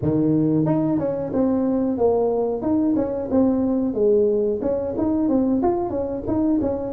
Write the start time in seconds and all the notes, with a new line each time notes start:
0.02 D#3
0.65 D#4
0.99 C#4
1.33 C4
1.97 A#3
2.61 D#4
2.96 C#4
3.30 C4
3.94 G#3
4.61 C#4
4.97 D#4
5.28 C4
5.62 F4
5.90 C#4
6.27 D#4
6.61 C#4